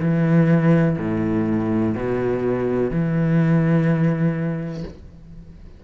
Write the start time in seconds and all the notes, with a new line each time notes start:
0.00 E3
0.98 A2
1.95 B2
2.90 E3